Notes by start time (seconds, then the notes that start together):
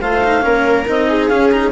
0.00 A3 F4 C5 F5
0.24 D#4
0.41 A#3 C#4 A#4
0.87 C4 D#4 D#5
1.08 G#4
1.27 C#4 F5
1.50 D#4 A#5